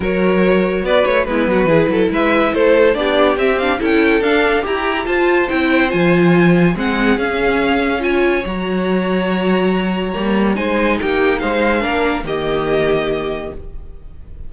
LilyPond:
<<
  \new Staff \with { instrumentName = "violin" } { \time 4/4 \tempo 4 = 142 cis''2 d''8 cis''8 b'4~ | b'4 e''4 c''4 d''4 | e''8 f''8 g''4 f''4 ais''4 | a''4 g''4 gis''2 |
fis''4 f''2 gis''4 | ais''1~ | ais''4 gis''4 g''4 f''4~ | f''4 dis''2. | }
  \new Staff \with { instrumentName = "violin" } { \time 4/4 ais'2 b'4 e'8 fis'8 | gis'8 a'8 b'4 a'4 g'4~ | g'4 a'2 g'4 | c''1 |
gis'2. cis''4~ | cis''1~ | cis''4 c''4 g'4 c''4 | ais'4 g'2. | }
  \new Staff \with { instrumentName = "viola" } { \time 4/4 fis'2. b4 | e'2. d'4 | c'8 d'8 e'4 d'4 g'4 | f'4 e'4 f'2 |
c'4 cis'2 f'4 | fis'1 | ais4 dis'2. | d'4 ais2. | }
  \new Staff \with { instrumentName = "cello" } { \time 4/4 fis2 b8 a8 gis8 fis8 | e8 fis8 gis4 a4 b4 | c'4 cis'4 d'4 e'4 | f'4 c'4 f2 |
gis4 cis'2. | fis1 | g4 gis4 ais4 gis4 | ais4 dis2. | }
>>